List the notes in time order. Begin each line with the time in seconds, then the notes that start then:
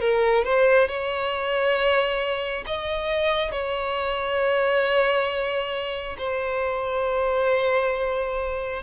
0.00 A#4
0.44 C5
0.88 C#5
2.66 D#5
3.51 C#5
6.18 C5